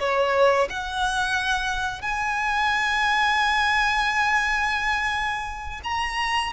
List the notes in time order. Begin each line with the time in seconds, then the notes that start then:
0.00 C#5
0.70 F#5
2.02 G#5
5.84 A#5